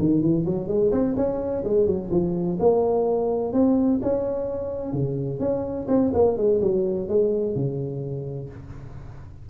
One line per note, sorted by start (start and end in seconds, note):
0.00 0.22 D#3
0.22 0.46 E3
0.46 0.68 F#3
0.68 0.91 G#3
0.92 1.15 C4
1.17 1.64 C#4
1.64 1.87 G#3
1.87 2.10 F#3
2.11 2.58 F3
2.60 3.53 A#3
3.53 4.00 C4
4.02 4.93 C#4
4.93 5.40 C#3
5.40 5.87 C#4
5.88 6.12 C4
6.14 6.37 A#3
6.37 6.61 G#3
6.62 7.09 F#3
7.09 7.55 G#3
7.55 8.50 C#3